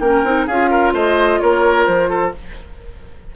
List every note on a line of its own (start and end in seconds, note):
0.00 0.23 A#3
0.00 0.25 C#4
0.00 0.47 A#4
0.00 0.46 G5
0.24 0.47 C4
0.24 0.48 D#4
0.47 0.93 C#4
0.47 2.36 F4
0.47 0.70 G#4
0.47 0.93 F5
0.71 0.94 A#4
0.93 1.40 A3
0.93 1.40 C5
0.93 1.40 D#5
1.40 1.88 A#3
1.40 2.10 A#4
1.40 1.86 C#5
1.86 2.34 F3
1.86 2.32 C5
2.10 2.33 A4